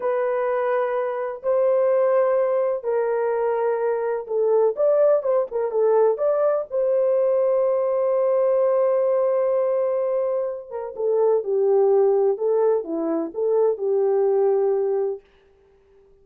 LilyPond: \new Staff \with { instrumentName = "horn" } { \time 4/4 \tempo 4 = 126 b'2. c''4~ | c''2 ais'2~ | ais'4 a'4 d''4 c''8 ais'8 | a'4 d''4 c''2~ |
c''1~ | c''2~ c''8 ais'8 a'4 | g'2 a'4 e'4 | a'4 g'2. | }